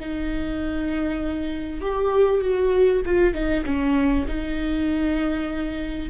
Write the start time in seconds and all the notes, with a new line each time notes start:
0.00 D#4
1.81 G4
2.41 F#4
3.05 F4
3.34 D#4
3.65 C#4
4.28 D#4